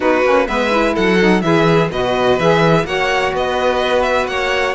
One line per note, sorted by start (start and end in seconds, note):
0.00 0.23 B3
0.00 0.23 D#4
0.00 0.47 F#4
0.00 0.47 B4
0.23 0.47 A#3
0.23 0.46 C#4
0.46 0.97 G#3
0.46 0.70 B3
0.46 0.94 B4
0.46 0.95 E5
0.70 1.17 E4
0.94 1.42 F#3
0.94 1.41 A4
0.94 1.41 F#5
1.19 1.42 D#4
1.41 1.90 E3
1.41 1.89 E4
1.41 1.91 G#4
1.41 1.89 E5
1.90 2.38 B2
1.90 2.40 F#4
1.90 2.86 B4
1.90 2.38 D#5
2.38 2.84 E3
2.38 2.84 G#4
2.38 2.86 E5
2.84 3.31 A#3
2.84 4.74 F#4
2.84 3.34 C#5
2.84 3.33 F#5
3.33 4.26 B3
3.33 4.29 B4
3.33 4.02 D#5
4.02 4.26 E5
4.26 4.74 A#3
4.26 4.74 C#5
4.26 4.74 F#5